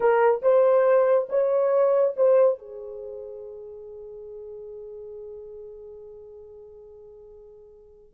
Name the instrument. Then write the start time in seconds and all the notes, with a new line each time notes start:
horn
0.00 A#4
0.42 C5
1.29 C#5
2.16 C5
2.58 G#4